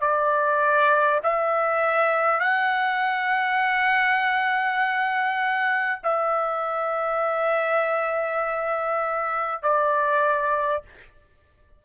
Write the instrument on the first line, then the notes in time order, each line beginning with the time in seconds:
trumpet
0.00 D5
1.23 E5
2.40 F#5
6.03 E5
9.63 D5